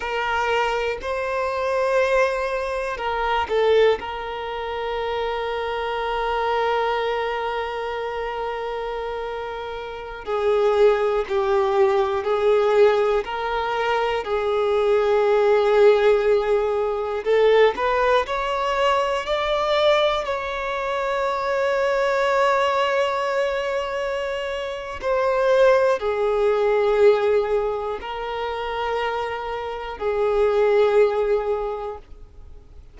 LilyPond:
\new Staff \with { instrumentName = "violin" } { \time 4/4 \tempo 4 = 60 ais'4 c''2 ais'8 a'8 | ais'1~ | ais'2~ ais'16 gis'4 g'8.~ | g'16 gis'4 ais'4 gis'4.~ gis'16~ |
gis'4~ gis'16 a'8 b'8 cis''4 d''8.~ | d''16 cis''2.~ cis''8.~ | cis''4 c''4 gis'2 | ais'2 gis'2 | }